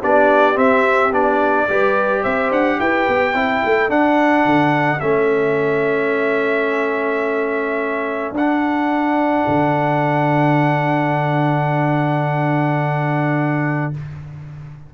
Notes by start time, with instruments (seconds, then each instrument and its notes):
0.00 tuba B3, trombone D4, horn G4, trumpet D5
0.54 trombone C4, tuba C4, trumpet E5
1.12 tuba B3, trombone D4, trumpet D5
1.69 tuba G3, trombone G4, horn B4
2.23 tuba C4, horn C5, trumpet E5
2.51 tuba D4, trumpet F#5
2.79 tuba E4, horn B4, trumpet G5
3.08 tuba B3
3.34 tuba C4, trombone E4, horn A4
3.65 tuba A3
3.89 trombone D4, tuba D4, trumpet F#5
4.45 tuba D3
5.00 tuba A3, trombone C#4, trumpet E5
8.32 tuba D4, trumpet F#5
8.38 trombone D4
9.47 tuba D3